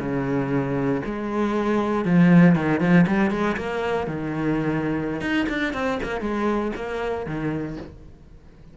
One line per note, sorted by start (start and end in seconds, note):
0.00 1.02 C#3
1.06 2.05 G#3
2.05 2.56 F3
2.56 2.80 D#3
2.80 3.06 F3
3.07 3.31 G3
3.31 3.56 G#3
3.57 4.07 A#3
4.07 5.21 D#3
5.21 5.47 D#4
5.49 5.74 D4
5.74 5.99 C4
6.03 6.21 A#3
6.21 6.72 G#3
6.76 7.26 A#3
7.26 7.77 D#3